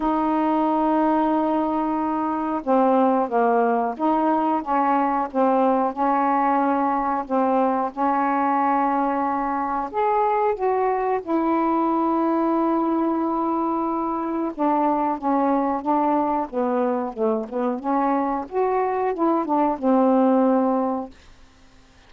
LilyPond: \new Staff \with { instrumentName = "saxophone" } { \time 4/4 \tempo 4 = 91 dis'1 | c'4 ais4 dis'4 cis'4 | c'4 cis'2 c'4 | cis'2. gis'4 |
fis'4 e'2.~ | e'2 d'4 cis'4 | d'4 b4 a8 b8 cis'4 | fis'4 e'8 d'8 c'2 | }